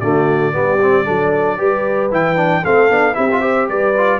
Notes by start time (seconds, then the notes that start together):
0.00 D3 A3 F#4 D5
0.52 G3 B3 G4
0.82 C4
1.04 F#3 D4 A4
1.58 G3 G4 B4
2.11 E3 E4 G5
2.36 D4
2.62 A3 C4 A4 F5
2.89 B3 D4
3.14 C4 E4 G4 E5
3.32 F4
3.41 G4 C5
3.69 G3 B4 D5
3.98 F4